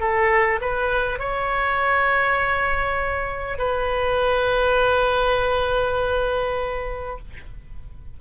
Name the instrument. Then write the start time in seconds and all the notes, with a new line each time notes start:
oboe
0.00 A4
0.61 B4
1.19 C#5
3.58 B4